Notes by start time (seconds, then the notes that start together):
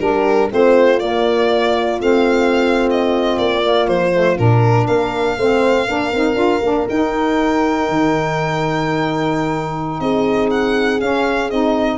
0.00 G3 D4 G4 A#4
0.50 A3 C4 F4 C5
1.00 A#3 D5
2.00 A3 C4 F5
2.90 D#5
3.38 A#3 D5
3.62 A#3
3.88 F3 C5
4.12 A3
4.37 A#2 D4 A#4
4.86 A#3 A#4 F5
5.37 A3 C4 C5
5.87 A#3 D4 A#4
6.12 C4 D#4
6.35 D4 F4
6.62 A#3 D4
6.89 D#4 G5
7.89 D#3
10.00 C4 G#4 D#5
10.51 F#5
11.00 C#4 F5
11.50 C4 D#4 D#5